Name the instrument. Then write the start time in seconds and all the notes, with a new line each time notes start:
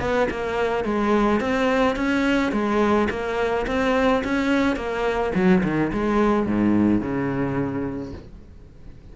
cello
0.00 B3
0.30 A#3
0.84 G#3
1.40 C4
1.96 C#4
2.52 G#3
3.10 A#3
3.67 C4
4.24 C#4
4.76 A#3
5.34 F#3
5.64 D#3
5.93 G#3
6.46 G#2
7.00 C#3